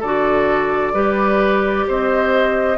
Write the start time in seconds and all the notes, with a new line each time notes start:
0.00 D3 F#4 A4 D5
0.93 G3 G4 B4
1.88 C4 C5 D#5